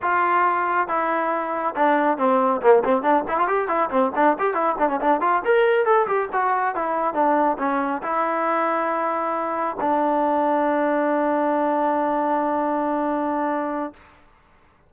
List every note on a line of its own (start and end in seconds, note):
0.02 0.88 F4
0.88 1.75 E4
1.75 2.17 D4
2.17 2.61 C4
2.61 2.83 A#3
2.84 3.02 C4
3.02 3.24 D4
3.28 3.38 E4
3.38 3.47 F4
3.47 3.67 G4
3.67 3.89 E4
3.90 4.11 C4
4.15 4.37 D4
4.39 4.53 G4
4.53 4.75 E4
4.78 4.89 D4
4.89 5.00 C#4
5.00 5.20 D4
5.20 5.42 F4
5.44 5.85 A#4
5.85 6.07 A4
6.07 6.28 G4
6.32 6.75 F#4
6.75 7.13 E4
7.13 7.57 D4
7.58 8.02 C#4
8.02 9.76 E4
9.80 13.93 D4